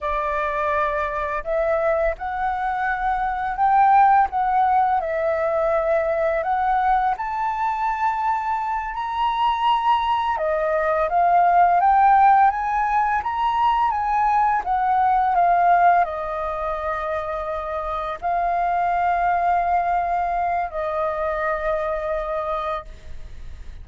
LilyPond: \new Staff \with { instrumentName = "flute" } { \time 4/4 \tempo 4 = 84 d''2 e''4 fis''4~ | fis''4 g''4 fis''4 e''4~ | e''4 fis''4 a''2~ | a''8 ais''2 dis''4 f''8~ |
f''8 g''4 gis''4 ais''4 gis''8~ | gis''8 fis''4 f''4 dis''4.~ | dis''4. f''2~ f''8~ | f''4 dis''2. | }